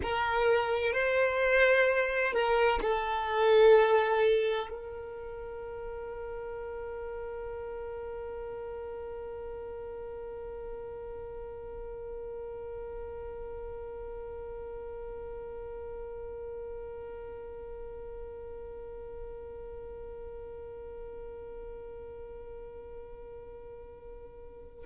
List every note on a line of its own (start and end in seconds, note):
0.02 0.92 A#4
0.92 2.32 C5
2.32 2.79 A#4
2.81 4.69 A4
4.69 24.85 A#4